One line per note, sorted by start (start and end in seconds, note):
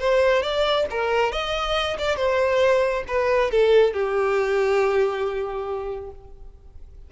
0.00 0.43 C5
0.43 0.86 D5
0.90 1.32 A#4
1.32 1.97 D#5
1.99 2.17 D5
2.17 3.04 C5
3.08 3.51 B4
3.51 3.94 A4
3.94 6.11 G4